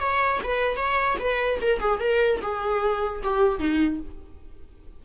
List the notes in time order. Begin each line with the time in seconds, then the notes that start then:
0.00 C#5
0.44 B4
0.77 C#5
1.20 B4
1.62 A#4
1.80 G#4
2.00 A#4
2.42 G#4
3.23 G4
3.60 D#4